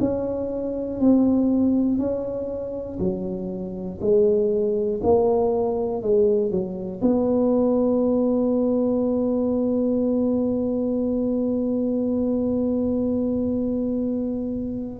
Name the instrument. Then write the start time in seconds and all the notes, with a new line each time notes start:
tuba
0.00 C#4
1.00 C4
1.99 C#4
3.00 F#3
4.00 G#3
5.03 A#3
6.02 G#3
6.51 F#3
7.01 B3